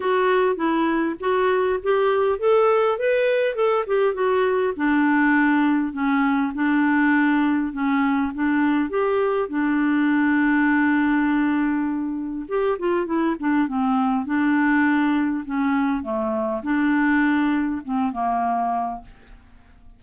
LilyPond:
\new Staff \with { instrumentName = "clarinet" } { \time 4/4 \tempo 4 = 101 fis'4 e'4 fis'4 g'4 | a'4 b'4 a'8 g'8 fis'4 | d'2 cis'4 d'4~ | d'4 cis'4 d'4 g'4 |
d'1~ | d'4 g'8 f'8 e'8 d'8 c'4 | d'2 cis'4 a4 | d'2 c'8 ais4. | }